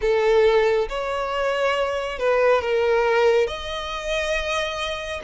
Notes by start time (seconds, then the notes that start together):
0.01 A4
0.89 C#5
2.19 B4
2.61 A#4
3.47 D#5